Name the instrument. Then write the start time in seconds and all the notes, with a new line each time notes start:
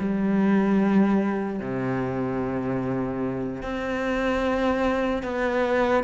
cello
0.00 G3
1.60 C3
3.63 C4
5.23 B3